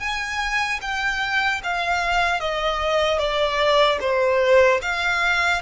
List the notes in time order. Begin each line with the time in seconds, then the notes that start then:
0.00 G#5
0.81 G5
1.64 F5
2.40 D#5
3.19 D5
4.01 C5
4.82 F5